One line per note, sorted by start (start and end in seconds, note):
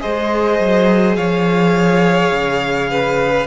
0.00 0.60 G#3
0.00 3.46 G#4
0.00 1.17 C5
0.00 1.16 D#5
0.60 1.17 F#3
1.16 2.31 F3
1.16 2.90 C#5
1.16 3.47 F5
2.31 3.47 C#3
2.91 3.47 B4